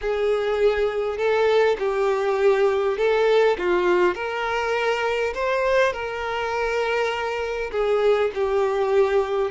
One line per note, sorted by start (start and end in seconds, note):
0.01 1.17 G#4
1.17 1.77 A4
1.78 2.97 G4
2.97 3.57 A4
3.58 4.14 F4
4.14 5.33 A#4
5.34 5.92 C5
5.92 7.71 A#4
7.71 8.31 G#4
8.34 9.50 G4